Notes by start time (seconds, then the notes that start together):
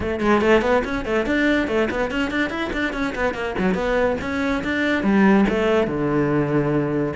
0.00 A3
0.20 G#3
0.41 A3
0.61 B3
0.84 C#4
1.05 A3
1.25 D4
1.67 A3
1.90 B3
2.11 C#4
2.31 D4
2.49 E4
2.72 D4
2.93 C#4
3.15 B3
3.34 A#3
3.58 F#3
3.74 B3
4.21 C#4
4.64 D4
5.03 G3
5.49 A3
5.87 D3